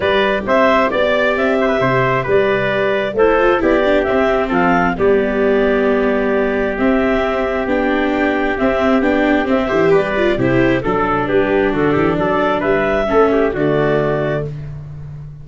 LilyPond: <<
  \new Staff \with { instrumentName = "clarinet" } { \time 4/4 \tempo 4 = 133 d''4 e''4 d''4 e''4~ | e''4 d''2 c''4 | d''4 e''4 f''4 d''4~ | d''2. e''4~ |
e''4 g''2 e''4 | g''4 e''4 d''4 c''4 | a'4 b'4 a'4 d''4 | e''2 d''2 | }
  \new Staff \with { instrumentName = "trumpet" } { \time 4/4 b'4 c''4 d''4. c''16 b'16 | c''4 b'2 a'4 | g'2 a'4 g'4~ | g'1~ |
g'1~ | g'4. c''8 b'4 g'4 | a'4 g'4 fis'8 g'8 a'4 | b'4 a'8 g'8 fis'2 | }
  \new Staff \with { instrumentName = "viola" } { \time 4/4 g'1~ | g'2. e'8 f'8 | e'8 d'8 c'2 b4~ | b2. c'4~ |
c'4 d'2 c'4 | d'4 c'8 g'4 f'8 e'4 | d'1~ | d'4 cis'4 a2 | }
  \new Staff \with { instrumentName = "tuba" } { \time 4/4 g4 c'4 b4 c'4 | c4 g2 a4 | b4 c'4 f4 g4~ | g2. c'4~ |
c'4 b2 c'4 | b4 c'8 e8 g4 c4 | fis4 g4 d8 e8 fis4 | g4 a4 d2 | }
>>